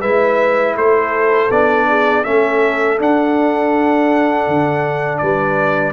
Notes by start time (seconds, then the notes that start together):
0.00 G#3 E4 B4 E5
0.75 A3 A4 C5
1.50 B3 D4 D5
1.88 G#4
2.24 A3 C#4 A4 E5
2.98 D4 F#5
4.47 D3
5.17 G3 B4 D5